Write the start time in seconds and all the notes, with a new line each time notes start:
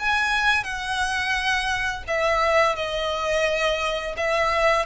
0.00 G#5
0.64 F#5
2.08 E5
2.76 D#5
4.18 E5